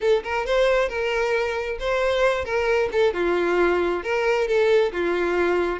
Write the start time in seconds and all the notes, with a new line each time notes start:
0.01 A4
0.23 A#4
0.45 C5
0.88 A#4
1.79 C5
2.44 A#4
2.92 A4
3.13 F4
4.03 A#4
4.47 A4
4.92 F4